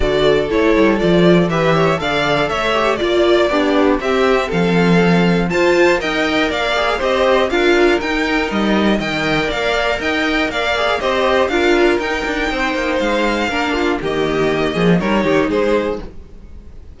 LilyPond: <<
  \new Staff \with { instrumentName = "violin" } { \time 4/4 \tempo 4 = 120 d''4 cis''4 d''4 e''4 | f''4 e''4 d''2 | e''4 f''2 a''4 | g''4 f''4 dis''4 f''4 |
g''4 dis''4 g''4 f''4 | g''4 f''4 dis''4 f''4 | g''2 f''2 | dis''2 cis''4 c''4 | }
  \new Staff \with { instrumentName = "violin" } { \time 4/4 a'2. b'8 cis''8 | d''4 cis''4 d''4 d'4 | g'4 a'2 c''4 | dis''4 d''4 c''4 ais'4~ |
ais'2 dis''4 d''4 | dis''4 d''4 c''4 ais'4~ | ais'4 c''2 ais'8 f'8 | g'4. gis'8 ais'8 g'8 gis'4 | }
  \new Staff \with { instrumentName = "viola" } { \time 4/4 fis'4 e'4 f'4 g'4 | a'4. g'8 f'4 g'4 | c'2. f'4 | ais'4. gis'8 g'4 f'4 |
dis'2 ais'2~ | ais'4. gis'8 g'4 f'4 | dis'2. d'4 | ais2 dis'2 | }
  \new Staff \with { instrumentName = "cello" } { \time 4/4 d4 a8 g8 f4 e4 | d4 a4 ais4 b4 | c'4 f2 f'4 | dis'4 ais4 c'4 d'4 |
dis'4 g4 dis4 ais4 | dis'4 ais4 c'4 d'4 | dis'8 d'8 c'8 ais8 gis4 ais4 | dis4. f8 g8 dis8 gis4 | }
>>